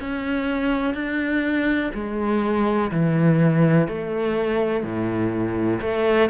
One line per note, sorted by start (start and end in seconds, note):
0.00 0.94 C#4
0.94 1.91 D4
1.94 2.91 G#3
2.92 3.88 E3
3.88 4.84 A3
4.84 5.81 A2
5.82 6.30 A3